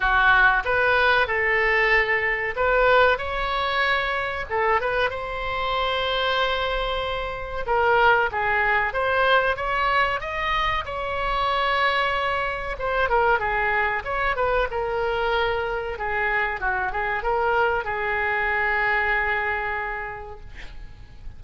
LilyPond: \new Staff \with { instrumentName = "oboe" } { \time 4/4 \tempo 4 = 94 fis'4 b'4 a'2 | b'4 cis''2 a'8 b'8 | c''1 | ais'4 gis'4 c''4 cis''4 |
dis''4 cis''2. | c''8 ais'8 gis'4 cis''8 b'8 ais'4~ | ais'4 gis'4 fis'8 gis'8 ais'4 | gis'1 | }